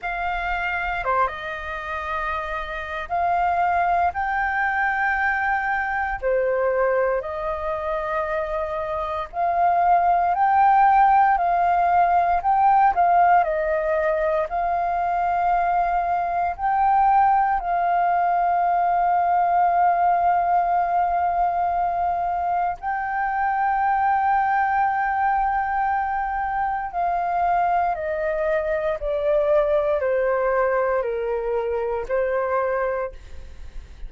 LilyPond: \new Staff \with { instrumentName = "flute" } { \time 4/4 \tempo 4 = 58 f''4 c''16 dis''4.~ dis''16 f''4 | g''2 c''4 dis''4~ | dis''4 f''4 g''4 f''4 | g''8 f''8 dis''4 f''2 |
g''4 f''2.~ | f''2 g''2~ | g''2 f''4 dis''4 | d''4 c''4 ais'4 c''4 | }